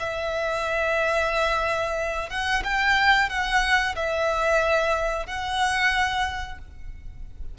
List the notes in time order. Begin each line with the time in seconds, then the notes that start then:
0.00 E5
2.30 F#5
2.64 G5
3.30 F#5
3.96 E5
5.27 F#5